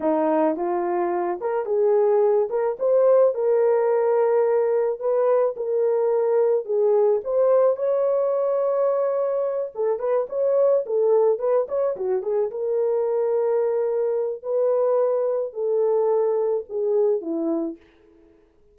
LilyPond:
\new Staff \with { instrumentName = "horn" } { \time 4/4 \tempo 4 = 108 dis'4 f'4. ais'8 gis'4~ | gis'8 ais'8 c''4 ais'2~ | ais'4 b'4 ais'2 | gis'4 c''4 cis''2~ |
cis''4. a'8 b'8 cis''4 a'8~ | a'8 b'8 cis''8 fis'8 gis'8 ais'4.~ | ais'2 b'2 | a'2 gis'4 e'4 | }